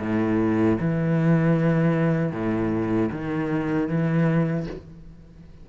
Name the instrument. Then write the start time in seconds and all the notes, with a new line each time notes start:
cello
0.00 A2
0.80 E3
2.32 A2
3.12 D#3
3.89 E3